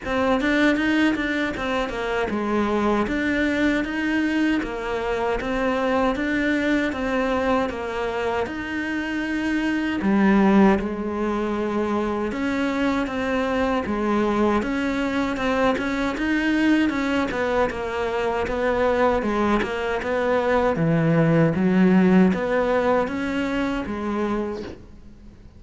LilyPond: \new Staff \with { instrumentName = "cello" } { \time 4/4 \tempo 4 = 78 c'8 d'8 dis'8 d'8 c'8 ais8 gis4 | d'4 dis'4 ais4 c'4 | d'4 c'4 ais4 dis'4~ | dis'4 g4 gis2 |
cis'4 c'4 gis4 cis'4 | c'8 cis'8 dis'4 cis'8 b8 ais4 | b4 gis8 ais8 b4 e4 | fis4 b4 cis'4 gis4 | }